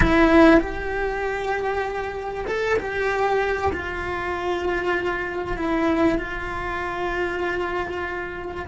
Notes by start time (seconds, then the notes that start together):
0.00 E4
0.59 G4
2.47 A4
2.78 G4
3.73 F4
5.57 E4
6.18 F4